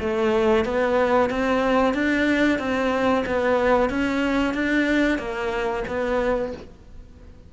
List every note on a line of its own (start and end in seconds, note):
0.00 0.65 A3
0.65 1.30 B3
1.30 1.94 C4
1.94 2.59 D4
2.59 3.24 C4
3.26 3.90 B3
3.90 4.54 C#4
4.54 5.18 D4
5.18 5.84 A#3
5.88 6.53 B3